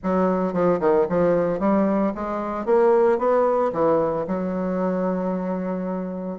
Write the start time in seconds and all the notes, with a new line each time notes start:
0.03 F#3
0.53 F3
0.80 D#3
1.09 F3
1.59 G3
2.14 G#3
2.65 A#3
3.18 B3
3.72 E3
4.27 F#3